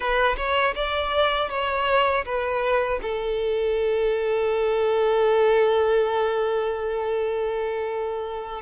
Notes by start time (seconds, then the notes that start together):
0.00 B4
0.36 C#5
0.75 D5
1.49 C#5
2.25 B4
3.02 A4